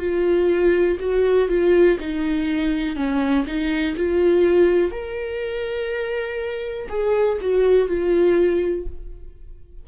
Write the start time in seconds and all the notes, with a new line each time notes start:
0.00 F4
1.01 F#4
1.49 F4
2.00 D#4
2.96 C#4
3.47 D#4
3.97 F4
4.92 A#4
6.89 G#4
7.42 F#4
7.89 F4